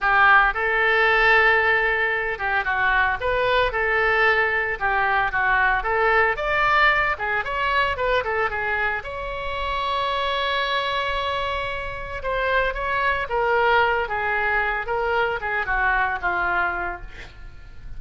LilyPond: \new Staff \with { instrumentName = "oboe" } { \time 4/4 \tempo 4 = 113 g'4 a'2.~ | a'8 g'8 fis'4 b'4 a'4~ | a'4 g'4 fis'4 a'4 | d''4. gis'8 cis''4 b'8 a'8 |
gis'4 cis''2.~ | cis''2. c''4 | cis''4 ais'4. gis'4. | ais'4 gis'8 fis'4 f'4. | }